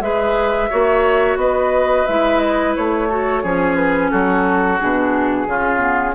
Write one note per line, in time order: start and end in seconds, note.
0.00 0.68 G#3
0.00 0.69 G#4
0.00 0.70 B4
0.00 1.37 E5
0.70 1.36 A#3
0.70 2.06 F#4
0.70 1.38 C#5
1.36 2.04 B3
1.36 3.09 B4
1.36 2.06 D#5
2.06 2.76 G#3
2.06 3.09 E4
2.06 2.39 E5
2.39 2.73 D#5
2.75 3.43 A3
2.75 3.75 C#5
3.09 3.43 F#4
3.09 3.43 A4
3.43 4.11 F3
3.43 4.79 C#4
3.43 4.11 G#4
3.75 4.10 B4
4.10 4.80 F#3
4.10 5.47 F#4
4.10 4.78 A4
4.79 5.47 B2
4.79 5.47 D4
4.79 6.15 G#4
5.47 6.15 C#3
5.47 5.78 C#4
5.47 6.15 F4
5.78 6.12 B3